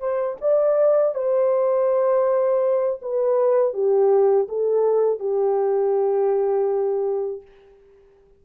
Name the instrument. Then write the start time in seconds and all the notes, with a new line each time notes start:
horn
0.00 C5
0.41 D5
1.15 C5
3.02 B4
3.74 G4
4.49 A4
5.20 G4